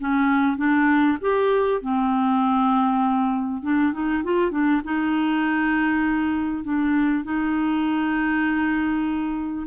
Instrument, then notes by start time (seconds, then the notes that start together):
clarinet
0.00 C#4
0.58 D4
1.21 G4
1.82 C4
3.63 D4
3.93 D#4
4.24 F4
4.51 D4
4.85 D#4
6.64 D4
7.25 D#4